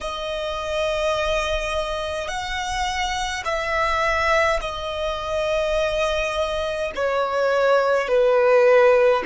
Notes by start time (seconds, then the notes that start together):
0.00 D#5
2.28 F#5
3.44 E5
4.60 D#5
6.95 C#5
8.08 B4